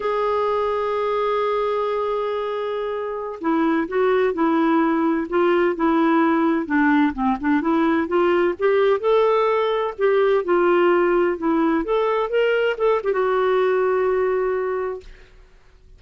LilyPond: \new Staff \with { instrumentName = "clarinet" } { \time 4/4 \tempo 4 = 128 gis'1~ | gis'2.~ gis'16 e'8.~ | e'16 fis'4 e'2 f'8.~ | f'16 e'2 d'4 c'8 d'16~ |
d'16 e'4 f'4 g'4 a'8.~ | a'4~ a'16 g'4 f'4.~ f'16~ | f'16 e'4 a'4 ais'4 a'8 g'16 | fis'1 | }